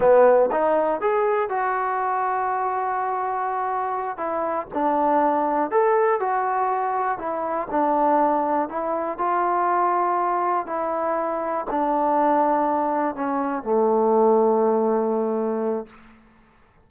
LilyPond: \new Staff \with { instrumentName = "trombone" } { \time 4/4 \tempo 4 = 121 b4 dis'4 gis'4 fis'4~ | fis'1~ | fis'8 e'4 d'2 a'8~ | a'8 fis'2 e'4 d'8~ |
d'4. e'4 f'4.~ | f'4. e'2 d'8~ | d'2~ d'8 cis'4 a8~ | a1 | }